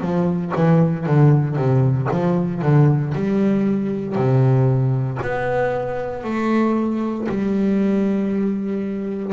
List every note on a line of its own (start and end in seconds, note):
0.00 0.52 F3
0.55 1.06 E3
1.06 1.56 D3
1.56 2.07 C3
2.11 2.61 F3
2.61 3.13 D3
3.14 4.15 G3
4.15 5.18 C3
5.22 6.24 B3
6.24 7.27 A3
7.28 9.32 G3